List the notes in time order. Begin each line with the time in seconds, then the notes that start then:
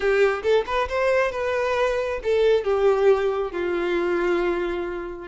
0.00 G4
0.42 A4
0.66 B4
0.88 C5
1.31 B4
2.23 A4
2.64 G4
3.51 F4